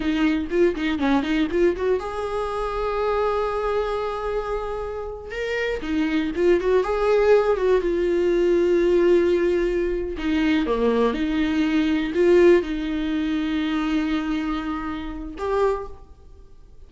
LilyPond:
\new Staff \with { instrumentName = "viola" } { \time 4/4 \tempo 4 = 121 dis'4 f'8 dis'8 cis'8 dis'8 f'8 fis'8 | gis'1~ | gis'2~ gis'8. ais'4 dis'16~ | dis'8. f'8 fis'8 gis'4. fis'8 f'16~ |
f'1~ | f'8 dis'4 ais4 dis'4.~ | dis'8 f'4 dis'2~ dis'8~ | dis'2. g'4 | }